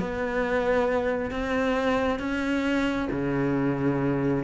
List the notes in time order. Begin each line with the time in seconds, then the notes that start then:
0.00 B3
1.31 C4
2.20 C#4
3.11 C#3